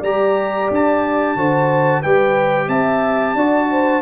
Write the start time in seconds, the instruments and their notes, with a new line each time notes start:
0.00 tuba G3, trombone G4, horn D5, trumpet A#5
0.71 tuba D4, trumpet A5
1.35 tuba D3, trombone F#4, horn C5
2.01 tuba G3, trombone G4, horn B4, trumpet G5
2.68 tuba C4, horn E5, trumpet A5
3.35 tuba D4, trombone F#4, horn D5
3.71 horn C5